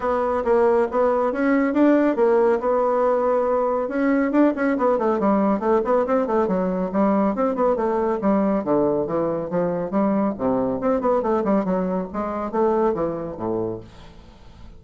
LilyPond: \new Staff \with { instrumentName = "bassoon" } { \time 4/4 \tempo 4 = 139 b4 ais4 b4 cis'4 | d'4 ais4 b2~ | b4 cis'4 d'8 cis'8 b8 a8 | g4 a8 b8 c'8 a8 fis4 |
g4 c'8 b8 a4 g4 | d4 e4 f4 g4 | c4 c'8 b8 a8 g8 fis4 | gis4 a4 e4 a,4 | }